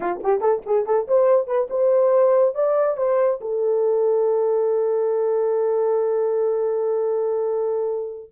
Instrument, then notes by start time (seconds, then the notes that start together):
horn
0.00 F4
0.23 G4
0.40 A4
0.66 G#4
0.86 A4
1.07 C5
1.46 B4
1.69 C5
2.54 D5
2.97 C5
3.40 A4